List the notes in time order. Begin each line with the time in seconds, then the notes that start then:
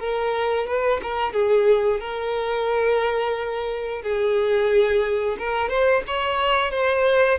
0.00 A#4
0.67 B4
1.03 A#4
1.33 G#4
2.01 A#4
4.03 G#4
5.39 A#4
5.69 C5
6.07 C#5
6.71 C5